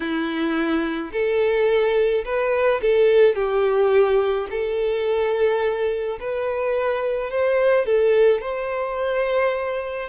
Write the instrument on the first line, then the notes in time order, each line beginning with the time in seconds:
violin
0.00 E4
1.12 A4
2.24 B4
2.81 A4
3.35 G4
4.50 A4
6.20 B4
7.30 C5
7.85 A4
8.41 C5